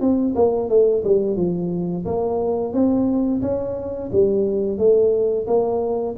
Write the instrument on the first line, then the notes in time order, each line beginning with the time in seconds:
tuba
0.00 C4
0.35 A#3
0.69 A3
1.04 G3
1.36 F3
2.05 A#3
2.73 C4
3.42 C#4
4.12 G3
4.78 A3
5.47 A#3